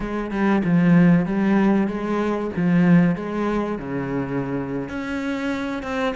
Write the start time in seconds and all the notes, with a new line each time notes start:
0.00 G#3
0.30 G3
0.64 F3
1.25 G3
1.87 G#3
2.56 F3
3.15 G#3
3.78 C#3
4.88 C#4
5.82 C4